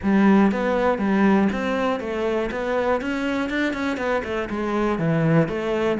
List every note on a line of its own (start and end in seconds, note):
0.02 0.51 G3
0.51 0.98 B3
0.98 1.48 G3
1.52 2.00 C4
2.00 2.50 A3
2.51 3.01 B3
3.01 3.49 C#4
3.49 3.73 D4
3.73 3.97 C#4
3.97 4.22 B3
4.24 4.49 A3
4.49 4.99 G#3
4.99 5.48 E3
5.48 5.98 A3